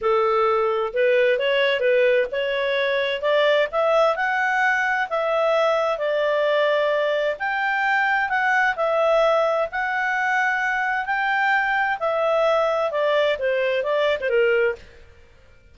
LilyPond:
\new Staff \with { instrumentName = "clarinet" } { \time 4/4 \tempo 4 = 130 a'2 b'4 cis''4 | b'4 cis''2 d''4 | e''4 fis''2 e''4~ | e''4 d''2. |
g''2 fis''4 e''4~ | e''4 fis''2. | g''2 e''2 | d''4 c''4 d''8. c''16 ais'4 | }